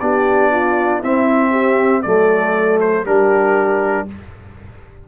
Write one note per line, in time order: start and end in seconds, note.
0.00 1.03 B3
0.00 1.03 D4
0.00 0.51 G4
0.00 1.02 D5
0.51 0.99 F4
0.99 2.04 C4
0.99 1.50 E4
0.99 2.02 E5
1.51 2.02 G4
2.02 3.06 F#3
2.02 3.06 A3
2.02 3.04 A4
2.02 2.78 D5
2.80 3.06 C5
3.04 4.08 G3
3.04 4.07 D4
3.04 4.06 G4
3.04 4.08 A#4